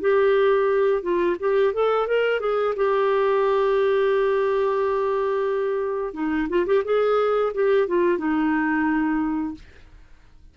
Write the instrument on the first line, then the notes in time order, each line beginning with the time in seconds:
clarinet
0.00 G4
1.02 F4
1.39 G4
1.73 A4
2.07 A#4
2.40 G#4
2.76 G4
6.13 D#4
6.49 F4
6.66 G4
6.84 G#4
7.53 G4
7.87 F4
8.18 D#4